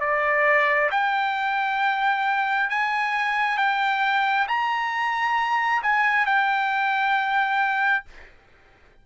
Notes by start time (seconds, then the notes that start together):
0.00 D5
0.91 G5
2.69 G#5
3.57 G5
4.48 A#5
5.82 G#5
6.26 G5